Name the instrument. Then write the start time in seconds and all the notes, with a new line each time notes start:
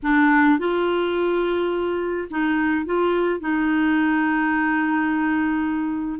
clarinet
0.02 D4
0.58 F4
2.30 D#4
2.85 F4
3.40 D#4